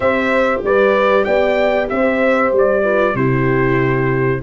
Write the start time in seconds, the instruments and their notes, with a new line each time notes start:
0.00 tuba C4, viola G4, horn C5, trumpet E5
0.63 tuba G3, horn B4, trumpet D5
1.24 tuba B3, horn D5, trumpet G5
1.89 tuba C4, horn C5, trumpet E5
2.52 tuba G3, trumpet D5
2.82 viola F4, horn B4
3.14 tuba C3, viola E4, horn G4, trumpet C5